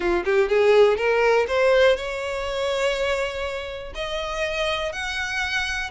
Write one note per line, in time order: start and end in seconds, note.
0.00 0.23 F4
0.25 0.49 G4
0.49 0.97 G#4
0.97 1.46 A#4
1.47 1.96 C5
1.96 3.93 C#5
3.95 4.92 D#5
4.92 5.90 F#5